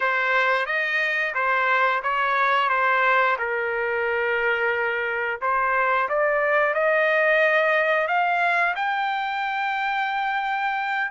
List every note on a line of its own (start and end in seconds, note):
0.00 0.66 C5
0.66 1.33 D#5
1.34 2.02 C5
2.02 2.69 C#5
2.69 3.36 C5
3.38 5.40 A#4
5.41 6.08 C5
6.09 6.74 D5
6.74 8.07 D#5
8.07 8.75 F5
8.75 11.11 G5